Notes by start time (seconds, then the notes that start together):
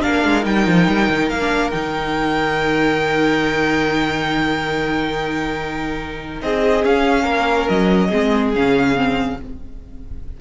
0.00 A#3 D4 A#4 F5
0.24 G#3
0.42 G3 D#4 G5
0.66 F3
0.87 G3
1.09 D#3
1.29 A#3 F5
1.40 D4
1.70 D#3 D#4 G5
6.42 C4 G#4 D#5
6.82 C#4 F5
7.23 A#3 A#4
7.68 F#3 D#5
8.08 G#3 C4 G#4
8.55 C#3 C#4 F5
8.95 C4